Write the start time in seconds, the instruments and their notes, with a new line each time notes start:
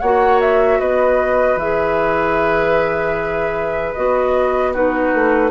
0.00 bassoon A#3, clarinet F#4, oboe C#5, flute F#5
0.41 flute E5
0.79 bassoon B3, oboe B4, flute D#5
1.57 bassoon E3, clarinet G#4, flute E5
3.94 bassoon B3, clarinet F#4, flute D#5
4.73 clarinet D#4, oboe F#4, flute B4
5.14 bassoon A3